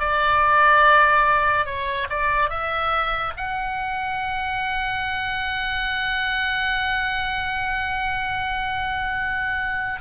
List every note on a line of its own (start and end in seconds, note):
0.00 1.66 D5
1.66 2.08 C#5
2.10 2.50 D5
2.50 3.33 E5
3.37 10.02 F#5